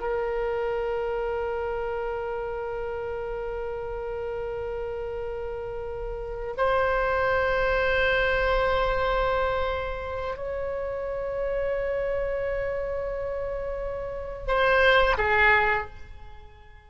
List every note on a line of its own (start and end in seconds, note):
0.00 6.55 A#4
6.57 10.37 C5
10.37 14.48 C#5
14.48 15.17 C5
15.18 15.87 G#4